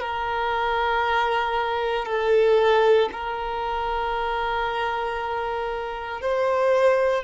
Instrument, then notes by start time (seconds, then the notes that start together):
violin
0.00 A#4
2.05 A4
3.12 A#4
6.21 C5